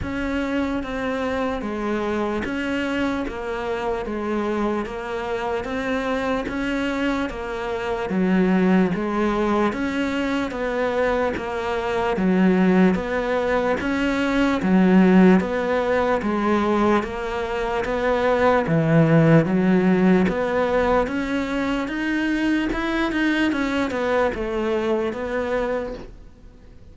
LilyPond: \new Staff \with { instrumentName = "cello" } { \time 4/4 \tempo 4 = 74 cis'4 c'4 gis4 cis'4 | ais4 gis4 ais4 c'4 | cis'4 ais4 fis4 gis4 | cis'4 b4 ais4 fis4 |
b4 cis'4 fis4 b4 | gis4 ais4 b4 e4 | fis4 b4 cis'4 dis'4 | e'8 dis'8 cis'8 b8 a4 b4 | }